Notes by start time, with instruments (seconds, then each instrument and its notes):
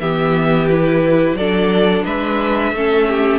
0.00 cello E3, viola B3, violin G4 E5
0.68 viola E4, violin B4
1.33 cello F#3, violin A4 D5
1.40 viola D4
2.04 cello G#3, violin B4 E5
2.72 cello A3, viola C#4, violin A4
3.08 violin G4